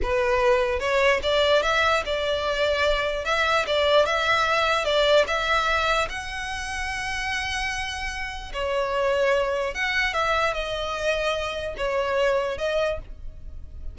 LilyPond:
\new Staff \with { instrumentName = "violin" } { \time 4/4 \tempo 4 = 148 b'2 cis''4 d''4 | e''4 d''2. | e''4 d''4 e''2 | d''4 e''2 fis''4~ |
fis''1~ | fis''4 cis''2. | fis''4 e''4 dis''2~ | dis''4 cis''2 dis''4 | }